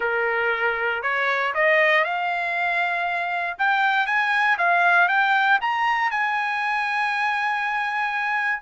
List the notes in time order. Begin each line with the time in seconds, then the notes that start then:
0.00 A#4
1.02 C#5
1.54 D#5
2.04 F5
3.58 G5
4.06 G#5
4.58 F5
5.08 G5
5.61 A#5
6.10 G#5